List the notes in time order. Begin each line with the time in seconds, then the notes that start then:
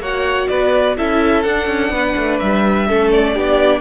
0.00 A#3 F#4 C#5 F#5
0.48 B3 B4 D5
0.98 C#4 E4 A4 E5
1.43 D4 F#5
1.68 C#4
1.91 B3 B4
2.16 A3
2.40 G3 E5
2.88 A3 C#4 A4
3.12 D5
3.35 B3 D4 G4